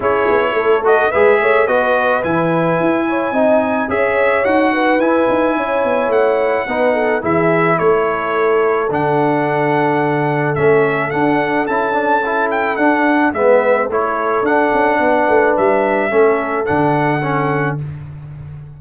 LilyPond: <<
  \new Staff \with { instrumentName = "trumpet" } { \time 4/4 \tempo 4 = 108 cis''4. dis''8 e''4 dis''4 | gis''2. e''4 | fis''4 gis''2 fis''4~ | fis''4 e''4 cis''2 |
fis''2. e''4 | fis''4 a''4. g''8 fis''4 | e''4 cis''4 fis''2 | e''2 fis''2 | }
  \new Staff \with { instrumentName = "horn" } { \time 4/4 gis'4 a'4 b'8 cis''8 b'4~ | b'4. cis''8 dis''4 cis''4~ | cis''8 b'4. cis''2 | b'8 a'8 gis'4 a'2~ |
a'1~ | a'1 | b'4 a'2 b'4~ | b'4 a'2. | }
  \new Staff \with { instrumentName = "trombone" } { \time 4/4 e'4. fis'8 gis'4 fis'4 | e'2 dis'4 gis'4 | fis'4 e'2. | dis'4 e'2. |
d'2. cis'4 | d'4 e'8 d'8 e'4 d'4 | b4 e'4 d'2~ | d'4 cis'4 d'4 cis'4 | }
  \new Staff \with { instrumentName = "tuba" } { \time 4/4 cis'8 b8 a4 gis8 a8 b4 | e4 e'4 c'4 cis'4 | dis'4 e'8 dis'8 cis'8 b8 a4 | b4 e4 a2 |
d2. a4 | d'4 cis'2 d'4 | gis4 a4 d'8 cis'8 b8 a8 | g4 a4 d2 | }
>>